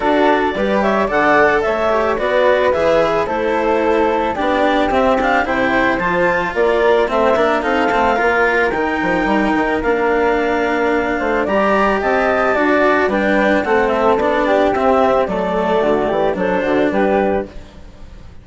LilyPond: <<
  \new Staff \with { instrumentName = "clarinet" } { \time 4/4 \tempo 4 = 110 d''4. e''8 fis''4 e''4 | d''4 e''4 c''2 | d''4 e''8 f''8 g''4 a''4 | d''4 e''4 f''2 |
g''2 f''2~ | f''4 ais''4 a''2 | g''4 fis''8 e''8 d''4 e''4 | d''2 c''4 b'4 | }
  \new Staff \with { instrumentName = "flute" } { \time 4/4 a'4 b'8 cis''8 d''4 cis''4 | b'2 a'2 | g'2 c''2 | ais'4 c''8 ais'8 a'4 ais'4~ |
ais'1~ | ais'8 c''8 d''4 dis''4 d''4 | b'4 a'4. g'4. | a'4 fis'8 g'8 a'8 fis'8 g'4 | }
  \new Staff \with { instrumentName = "cello" } { \time 4/4 fis'4 g'4 a'4. g'8 | fis'4 gis'4 e'2 | d'4 c'8 d'8 e'4 f'4~ | f'4 c'8 d'8 dis'8 c'8 f'4 |
dis'2 d'2~ | d'4 g'2 fis'4 | d'4 c'4 d'4 c'4 | a2 d'2 | }
  \new Staff \with { instrumentName = "bassoon" } { \time 4/4 d'4 g4 d4 a4 | b4 e4 a2 | b4 c'4 c4 f4 | ais4 a8 ais8 c'8 a8 ais4 |
dis8 f8 g8 dis8 ais2~ | ais8 a8 g4 c'4 d'4 | g4 a4 b4 c'4 | fis4 d8 e8 fis8 d8 g4 | }
>>